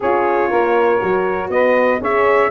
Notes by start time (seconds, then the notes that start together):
0.00 C#4 F4 G#4 C#5
0.49 A#3 A#4
0.99 F#3 F#4
1.49 B3 B4 D#5
2.01 C#4 G#4 C#5 E5